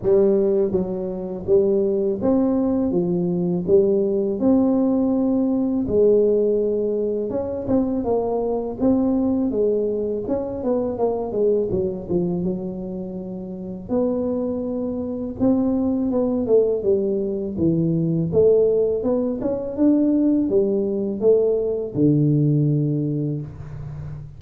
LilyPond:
\new Staff \with { instrumentName = "tuba" } { \time 4/4 \tempo 4 = 82 g4 fis4 g4 c'4 | f4 g4 c'2 | gis2 cis'8 c'8 ais4 | c'4 gis4 cis'8 b8 ais8 gis8 |
fis8 f8 fis2 b4~ | b4 c'4 b8 a8 g4 | e4 a4 b8 cis'8 d'4 | g4 a4 d2 | }